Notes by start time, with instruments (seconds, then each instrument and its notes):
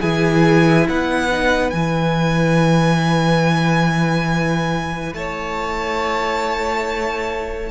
0.00 cello E3, viola E4, violin G#4 G#5
0.89 cello B3, violin B4 F#5
1.31 viola D#4
1.70 cello E3, viola E4, violin G#5
5.13 cello A3, violin C#5 A5